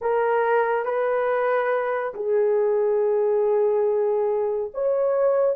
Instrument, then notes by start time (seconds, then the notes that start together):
horn
0.01 A#4
0.85 B4
2.14 G#4
4.74 C#5